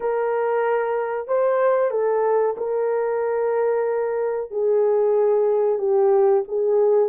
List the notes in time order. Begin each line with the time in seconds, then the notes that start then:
0.00 A#4
1.27 C5
1.91 A4
2.57 A#4
4.50 G#4
5.78 G4
6.48 G#4